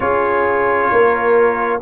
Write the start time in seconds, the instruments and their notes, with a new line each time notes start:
0.00 tuba C#4, trombone F4, horn G#4, trumpet C#5
0.91 tuba A#3, horn A#4